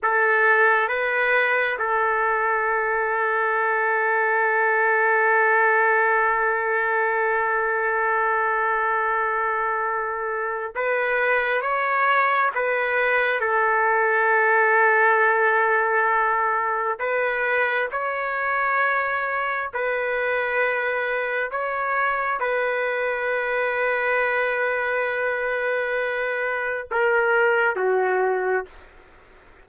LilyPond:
\new Staff \with { instrumentName = "trumpet" } { \time 4/4 \tempo 4 = 67 a'4 b'4 a'2~ | a'1~ | a'1 | b'4 cis''4 b'4 a'4~ |
a'2. b'4 | cis''2 b'2 | cis''4 b'2.~ | b'2 ais'4 fis'4 | }